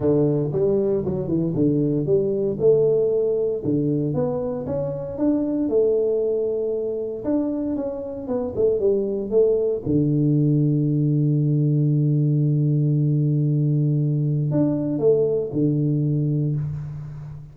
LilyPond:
\new Staff \with { instrumentName = "tuba" } { \time 4/4 \tempo 4 = 116 d4 g4 fis8 e8 d4 | g4 a2 d4 | b4 cis'4 d'4 a4~ | a2 d'4 cis'4 |
b8 a8 g4 a4 d4~ | d1~ | d1 | d'4 a4 d2 | }